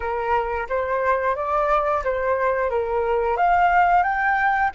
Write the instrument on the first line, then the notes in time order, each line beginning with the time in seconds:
flute
0.00 A#4
0.69 C5
1.35 D5
2.04 C5
2.70 A#4
3.36 F5
4.03 G5